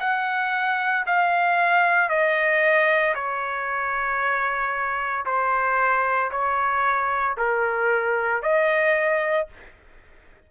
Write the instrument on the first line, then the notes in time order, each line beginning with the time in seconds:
trumpet
0.00 F#5
1.06 F5
2.10 D#5
3.15 C#5
5.26 C5
6.31 C#5
7.37 A#4
8.42 D#5